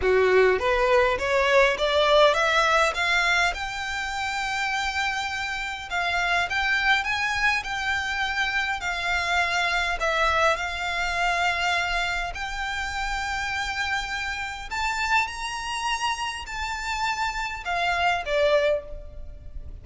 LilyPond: \new Staff \with { instrumentName = "violin" } { \time 4/4 \tempo 4 = 102 fis'4 b'4 cis''4 d''4 | e''4 f''4 g''2~ | g''2 f''4 g''4 | gis''4 g''2 f''4~ |
f''4 e''4 f''2~ | f''4 g''2.~ | g''4 a''4 ais''2 | a''2 f''4 d''4 | }